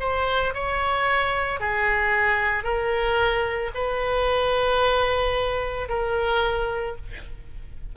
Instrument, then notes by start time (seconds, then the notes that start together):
oboe
0.00 C5
0.54 C#5
1.60 G#4
2.63 A#4
3.74 B4
5.89 A#4